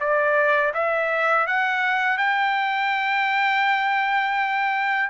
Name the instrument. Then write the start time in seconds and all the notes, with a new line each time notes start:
trumpet
0.00 D5
0.74 E5
1.47 F#5
2.18 G5